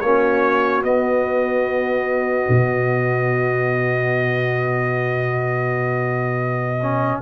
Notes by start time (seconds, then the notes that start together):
0.00 A#3 C#4 F#4 C#5
0.82 B3 D#5
2.48 B2
6.82 C#4